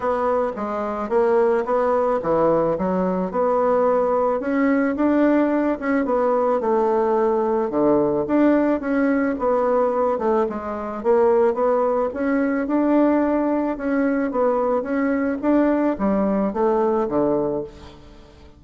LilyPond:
\new Staff \with { instrumentName = "bassoon" } { \time 4/4 \tempo 4 = 109 b4 gis4 ais4 b4 | e4 fis4 b2 | cis'4 d'4. cis'8 b4 | a2 d4 d'4 |
cis'4 b4. a8 gis4 | ais4 b4 cis'4 d'4~ | d'4 cis'4 b4 cis'4 | d'4 g4 a4 d4 | }